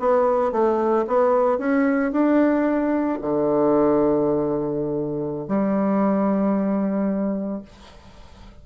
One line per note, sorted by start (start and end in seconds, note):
0.00 0.52 B3
0.52 1.06 A3
1.08 1.59 B3
1.59 2.12 C#4
2.12 3.19 D4
3.22 5.48 D3
5.48 7.63 G3